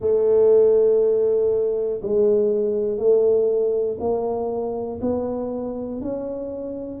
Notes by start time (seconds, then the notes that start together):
0.00 A3
2.02 G#3
2.97 A3
4.00 A#3
5.00 B3
6.00 C#4